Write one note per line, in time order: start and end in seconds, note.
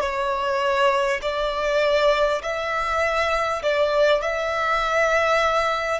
0.00 1.20 C#5
1.22 2.42 D5
2.42 3.62 E5
3.62 4.22 D5
4.22 6.00 E5